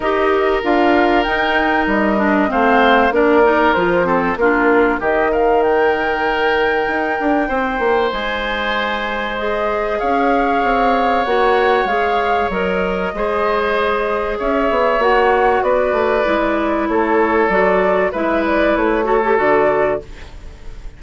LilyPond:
<<
  \new Staff \with { instrumentName = "flute" } { \time 4/4 \tempo 4 = 96 dis''4 f''4 g''4 dis''4 | f''4 d''4 c''4 ais'4 | dis''8 f''8 g''2.~ | g''4 gis''2 dis''4 |
f''2 fis''4 f''4 | dis''2. e''4 | fis''4 d''2 cis''4 | d''4 e''8 d''8 cis''4 d''4 | }
  \new Staff \with { instrumentName = "oboe" } { \time 4/4 ais'1 | c''4 ais'4. a'8 f'4 | g'8 ais'2.~ ais'8 | c''1 |
cis''1~ | cis''4 c''2 cis''4~ | cis''4 b'2 a'4~ | a'4 b'4. a'4. | }
  \new Staff \with { instrumentName = "clarinet" } { \time 4/4 g'4 f'4 dis'4. d'8 | c'4 d'8 dis'8 f'8 c'8 d'4 | dis'1~ | dis'2. gis'4~ |
gis'2 fis'4 gis'4 | ais'4 gis'2. | fis'2 e'2 | fis'4 e'4. fis'16 g'16 fis'4 | }
  \new Staff \with { instrumentName = "bassoon" } { \time 4/4 dis'4 d'4 dis'4 g4 | a4 ais4 f4 ais4 | dis2. dis'8 d'8 | c'8 ais8 gis2. |
cis'4 c'4 ais4 gis4 | fis4 gis2 cis'8 b8 | ais4 b8 a8 gis4 a4 | fis4 gis4 a4 d4 | }
>>